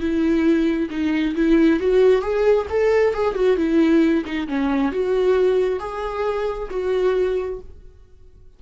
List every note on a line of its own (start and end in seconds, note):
0.00 0.90 E4
0.91 1.35 D#4
1.36 1.80 E4
1.80 2.22 F#4
2.22 2.67 G#4
2.70 3.14 A4
3.14 3.35 G#4
3.35 3.57 F#4
3.58 4.25 E4
4.25 4.48 D#4
4.48 4.92 C#4
4.92 5.80 F#4
5.80 6.69 G#4
6.71 7.60 F#4